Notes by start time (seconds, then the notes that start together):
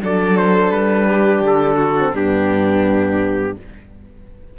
0.00 F#3 D4 A4 D5
0.37 C5
0.70 G3 B4
1.08 G4
1.41 D3 A4
1.76 F#4
1.98 C4
2.13 G2 B3 D4 G4